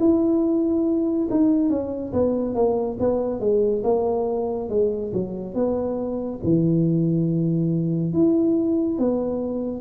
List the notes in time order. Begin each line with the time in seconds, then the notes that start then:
0.00 E4
1.31 D#4
1.70 C#4
2.14 B3
2.55 A#3
3.00 B3
3.41 G#3
3.84 A#3
4.69 G#3
5.14 F#3
5.55 B3
6.44 E3
8.14 E4
8.99 B3